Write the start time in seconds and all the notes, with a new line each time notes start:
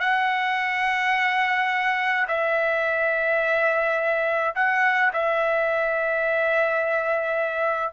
0.00 F#5
2.28 E5
4.55 F#5
5.13 E5